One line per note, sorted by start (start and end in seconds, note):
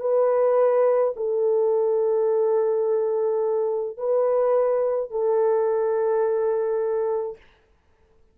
0.00 1.13 B4
1.16 3.97 A4
3.97 5.10 B4
5.10 7.37 A4